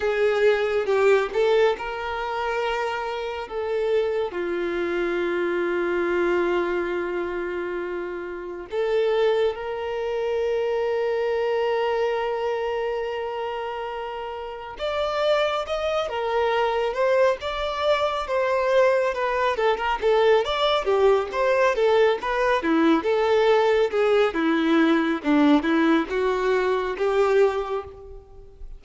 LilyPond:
\new Staff \with { instrumentName = "violin" } { \time 4/4 \tempo 4 = 69 gis'4 g'8 a'8 ais'2 | a'4 f'2.~ | f'2 a'4 ais'4~ | ais'1~ |
ais'4 d''4 dis''8 ais'4 c''8 | d''4 c''4 b'8 a'16 ais'16 a'8 d''8 | g'8 c''8 a'8 b'8 e'8 a'4 gis'8 | e'4 d'8 e'8 fis'4 g'4 | }